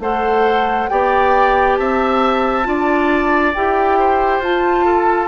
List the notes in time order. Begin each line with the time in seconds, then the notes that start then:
0.00 A3 A4 C5 F#5
0.89 B3 G4 D5 G5
1.77 C4 E5 A5
2.65 D4 F4 D5
3.55 E4 G4 G5
3.99 C5
4.40 F4 A5
4.85 A4